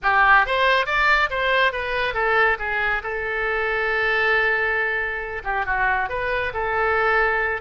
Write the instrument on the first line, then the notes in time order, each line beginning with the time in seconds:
oboe
0.02 G4
0.46 C5
0.86 D5
1.30 C5
1.72 B4
2.14 A4
2.58 G#4
3.03 A4
5.43 G4
5.65 F#4
6.09 B4
6.53 A4